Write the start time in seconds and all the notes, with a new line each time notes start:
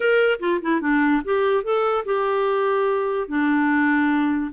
0.00 A#4
0.39 F4
0.62 E4
0.81 D4
1.24 G4
1.63 A4
2.05 G4
3.28 D4